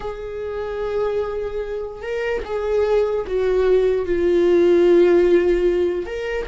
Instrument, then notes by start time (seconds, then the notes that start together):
viola
0.00 G#4
2.02 A#4
2.44 G#4
3.27 F#4
4.05 F4
6.05 A#4